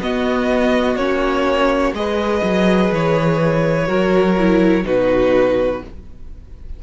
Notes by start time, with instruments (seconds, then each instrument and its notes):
0.00 cello B3, viola B3, violin F#4 D#5
0.96 cello A#3, viola C#4, violin C#5
1.93 cello G#3, viola G#4, violin B4 D#5
2.43 cello F#3
2.92 cello E3, violin C#5
3.87 cello F#3, viola F#4, violin A#4
4.38 viola E4
4.84 cello B2, viola D#4, violin F#4 B4